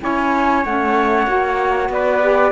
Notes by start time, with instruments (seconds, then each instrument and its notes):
0.00 cello C#4, saxophone E4, trumpet C#5, flute G#5
0.64 cello A3, saxophone C#4, flute F#5
1.27 cello A#3, saxophone F#4
1.90 cello B3, trumpet B4, flute D5
2.23 saxophone G4